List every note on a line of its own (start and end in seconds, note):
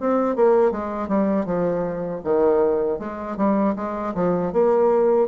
0.00 0.36 C4
0.36 0.71 A#3
0.71 1.08 G#3
1.08 1.45 G3
1.45 2.21 F3
2.24 2.99 D#3
2.99 3.37 G#3
3.37 3.75 G3
3.76 4.14 G#3
4.15 4.53 F3
4.53 5.28 A#3